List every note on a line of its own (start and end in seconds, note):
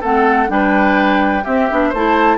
0.00 0.49 A3
0.00 0.48 C4
0.00 0.48 A4
0.00 0.50 F#5
0.48 1.44 G3
0.48 1.43 D4
0.48 1.44 B4
0.48 1.45 G5
1.44 1.69 C4
1.44 1.70 C4
1.44 1.89 G4
1.44 1.92 E5
1.70 1.93 B3
1.70 1.94 D4
1.89 2.38 A3
1.89 2.37 C5
1.89 2.38 A5
1.95 2.38 E4